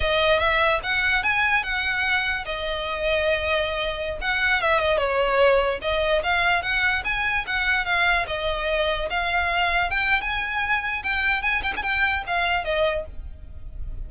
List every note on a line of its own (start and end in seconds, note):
0.00 0.39 D#5
0.39 0.80 E5
0.83 1.23 F#5
1.23 1.63 G#5
1.63 2.45 F#5
2.45 4.18 D#5
4.21 4.61 F#5
4.61 4.79 E5
4.79 4.97 D#5
4.97 5.79 C#5
5.81 6.22 D#5
6.23 6.62 F5
6.62 7.03 F#5
7.04 7.45 G#5
7.47 7.85 F#5
7.85 8.26 F5
8.27 9.08 D#5
9.10 9.90 F5
9.90 10.21 G5
10.21 11.03 G#5
11.03 11.42 G5
11.42 11.62 G#5
11.63 11.73 G5
11.76 11.83 G#5
11.83 12.23 G5
12.27 12.64 F5
12.64 13.05 D#5